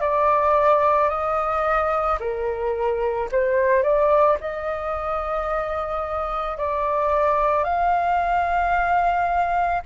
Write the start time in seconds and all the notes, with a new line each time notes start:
0.00 D5
1.09 D#5
2.20 A#4
3.31 C5
3.82 D5
4.40 D#5
6.57 D5
7.64 F5